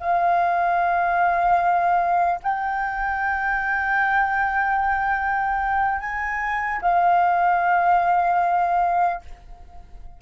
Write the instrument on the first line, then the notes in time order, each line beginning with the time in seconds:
flute
0.00 F5
2.43 G5
6.00 G#5
6.81 F5